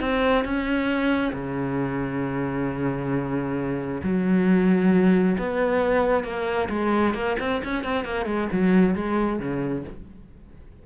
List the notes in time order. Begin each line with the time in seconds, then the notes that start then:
0.00 C4
0.44 C#4
1.33 C#3
4.03 F#3
5.38 B3
6.24 A#3
6.69 G#3
7.14 A#3
7.39 C4
7.64 C#4
7.84 C4
8.04 A#3
8.26 G#3
8.52 F#3
8.95 G#3
9.39 C#3